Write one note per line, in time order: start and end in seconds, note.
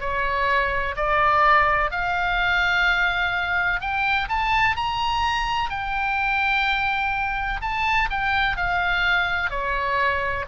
0.00 0.95 C#5
0.96 1.91 D5
1.91 3.81 F5
3.81 4.28 G5
4.29 4.76 A5
4.76 5.70 A#5
5.70 7.60 G5
7.61 8.09 A5
8.10 8.57 G5
8.57 9.50 F5
9.50 10.45 C#5